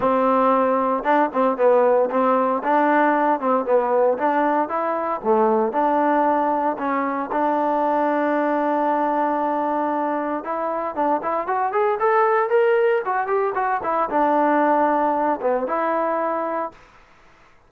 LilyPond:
\new Staff \with { instrumentName = "trombone" } { \time 4/4 \tempo 4 = 115 c'2 d'8 c'8 b4 | c'4 d'4. c'8 b4 | d'4 e'4 a4 d'4~ | d'4 cis'4 d'2~ |
d'1 | e'4 d'8 e'8 fis'8 gis'8 a'4 | ais'4 fis'8 g'8 fis'8 e'8 d'4~ | d'4. b8 e'2 | }